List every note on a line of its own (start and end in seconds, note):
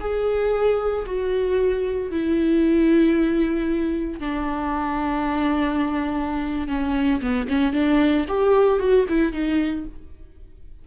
0.00 1.05 G#4
1.06 2.11 F#4
2.11 4.19 E4
4.19 6.68 D4
6.68 7.20 C#4
7.21 7.47 B3
7.48 7.72 C#4
7.72 8.25 D4
8.28 8.79 G4
8.79 9.06 F#4
9.08 9.32 E4
9.32 9.85 D#4